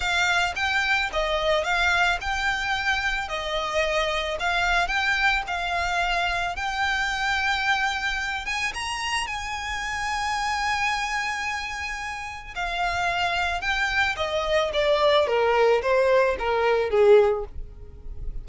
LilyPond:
\new Staff \with { instrumentName = "violin" } { \time 4/4 \tempo 4 = 110 f''4 g''4 dis''4 f''4 | g''2 dis''2 | f''4 g''4 f''2 | g''2.~ g''8 gis''8 |
ais''4 gis''2.~ | gis''2. f''4~ | f''4 g''4 dis''4 d''4 | ais'4 c''4 ais'4 gis'4 | }